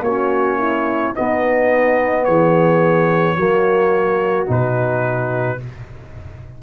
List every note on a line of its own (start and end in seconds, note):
0.00 1.11 A#3
0.00 1.14 C#4
0.00 0.58 F#4
0.00 1.14 C#5
0.58 1.13 E4
1.13 3.36 B3
1.13 2.27 B3
1.13 2.24 D#4
1.13 2.24 D#5
2.24 3.37 E3
2.24 3.36 G#4
2.24 4.47 C#5
3.36 4.48 F#3
3.36 4.46 A#3
3.36 5.58 F#4
4.46 5.59 B2
4.46 5.57 D#4
4.46 5.62 B4